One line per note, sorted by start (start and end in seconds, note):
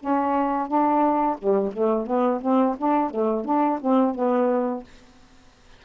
0.00 0.68 C#4
0.68 1.37 D4
1.38 1.72 G3
1.73 2.07 A3
2.07 2.41 B3
2.41 2.76 C4
2.78 3.10 D4
3.10 3.45 A3
3.45 3.79 D4
3.81 4.15 C4
4.15 4.84 B3